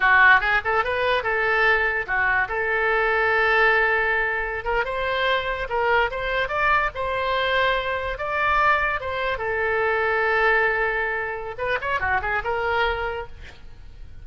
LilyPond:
\new Staff \with { instrumentName = "oboe" } { \time 4/4 \tempo 4 = 145 fis'4 gis'8 a'8 b'4 a'4~ | a'4 fis'4 a'2~ | a'2.~ a'16 ais'8 c''16~ | c''4.~ c''16 ais'4 c''4 d''16~ |
d''8. c''2. d''16~ | d''4.~ d''16 c''4 a'4~ a'16~ | a'1 | b'8 cis''8 fis'8 gis'8 ais'2 | }